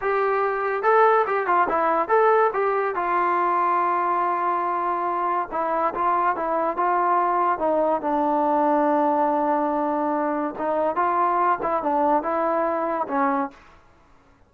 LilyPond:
\new Staff \with { instrumentName = "trombone" } { \time 4/4 \tempo 4 = 142 g'2 a'4 g'8 f'8 | e'4 a'4 g'4 f'4~ | f'1~ | f'4 e'4 f'4 e'4 |
f'2 dis'4 d'4~ | d'1~ | d'4 dis'4 f'4. e'8 | d'4 e'2 cis'4 | }